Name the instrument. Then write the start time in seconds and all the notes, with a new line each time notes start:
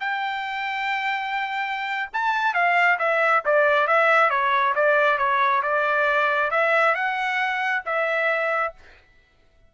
trumpet
0.00 G5
2.13 A5
2.54 F5
2.99 E5
3.45 D5
3.87 E5
4.30 C#5
4.75 D5
5.18 C#5
5.62 D5
6.51 E5
6.95 F#5
7.85 E5